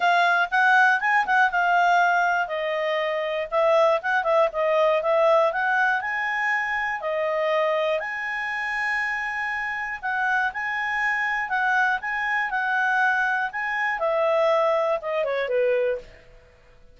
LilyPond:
\new Staff \with { instrumentName = "clarinet" } { \time 4/4 \tempo 4 = 120 f''4 fis''4 gis''8 fis''8 f''4~ | f''4 dis''2 e''4 | fis''8 e''8 dis''4 e''4 fis''4 | gis''2 dis''2 |
gis''1 | fis''4 gis''2 fis''4 | gis''4 fis''2 gis''4 | e''2 dis''8 cis''8 b'4 | }